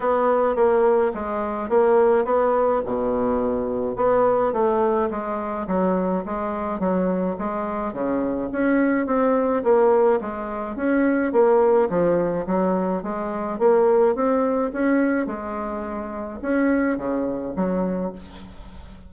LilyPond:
\new Staff \with { instrumentName = "bassoon" } { \time 4/4 \tempo 4 = 106 b4 ais4 gis4 ais4 | b4 b,2 b4 | a4 gis4 fis4 gis4 | fis4 gis4 cis4 cis'4 |
c'4 ais4 gis4 cis'4 | ais4 f4 fis4 gis4 | ais4 c'4 cis'4 gis4~ | gis4 cis'4 cis4 fis4 | }